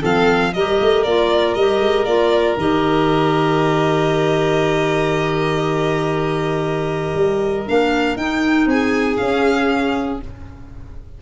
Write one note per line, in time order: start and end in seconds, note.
0.00 0.55 F3
0.00 0.52 C4
0.00 0.51 A4
0.00 0.53 F5
0.53 0.80 G3
0.53 1.07 G4
0.53 8.68 A#4
0.53 1.03 D#5
0.81 1.05 A3
1.03 1.55 A#3
1.03 1.58 F4
1.03 1.54 D5
1.54 1.80 G3
1.54 2.06 G4
1.54 2.05 D#5
1.80 2.05 G#3
2.05 2.56 A#3
2.05 2.57 F4
2.05 2.56 D5
2.57 7.14 D#3
2.57 7.66 G4
2.57 7.68 D#5
7.14 7.65 G3
7.66 8.16 A#3
7.66 8.17 D4
7.66 8.17 F5
8.16 8.66 D#4
8.16 9.19 D#4
8.16 8.68 G5
8.66 9.17 C4
8.66 10.21 G#4
8.66 9.17 G#5
9.17 10.21 C#4
9.17 10.22 C#4
9.17 10.18 F5